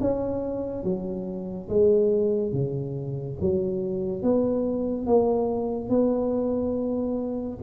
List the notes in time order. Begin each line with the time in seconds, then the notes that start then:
0.00 C#4
0.83 F#3
1.69 G#3
2.52 C#3
3.40 F#3
4.22 B3
5.06 A#3
5.89 B3